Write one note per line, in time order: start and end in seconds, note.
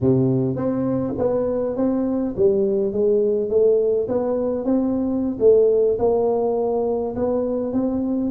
0.00 0.55 C3
0.55 1.14 C4
1.18 1.76 B3
1.76 2.34 C4
2.36 2.92 G3
2.92 3.49 G#3
3.49 4.07 A3
4.08 4.64 B3
4.64 5.38 C4
5.39 5.98 A3
5.98 7.15 A#3
7.15 7.73 B3
7.73 8.30 C4